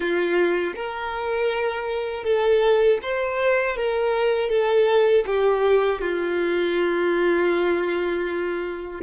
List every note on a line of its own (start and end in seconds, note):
0.00 0.74 F4
0.75 2.23 A#4
2.23 2.98 A4
3.02 3.76 C5
3.76 4.49 A#4
4.49 5.24 A4
5.26 6.01 G4
6.01 9.01 F4